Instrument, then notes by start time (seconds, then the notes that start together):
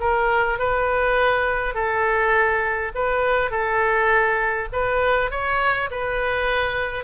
oboe
0.00 A#4
0.59 B4
1.74 A4
2.95 B4
3.51 A4
4.72 B4
5.31 C#5
5.90 B4